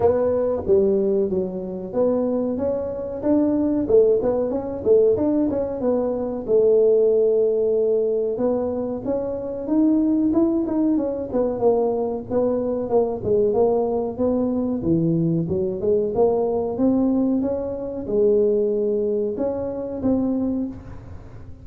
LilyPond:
\new Staff \with { instrumentName = "tuba" } { \time 4/4 \tempo 4 = 93 b4 g4 fis4 b4 | cis'4 d'4 a8 b8 cis'8 a8 | d'8 cis'8 b4 a2~ | a4 b4 cis'4 dis'4 |
e'8 dis'8 cis'8 b8 ais4 b4 | ais8 gis8 ais4 b4 e4 | fis8 gis8 ais4 c'4 cis'4 | gis2 cis'4 c'4 | }